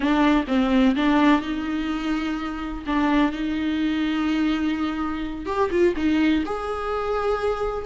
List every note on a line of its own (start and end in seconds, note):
0.00 0.44 D4
0.47 0.95 C4
0.95 1.41 D4
1.41 2.84 D#4
2.86 3.32 D4
3.32 5.46 D#4
5.46 5.69 G4
5.70 5.94 F4
5.96 6.44 D#4
6.45 7.85 G#4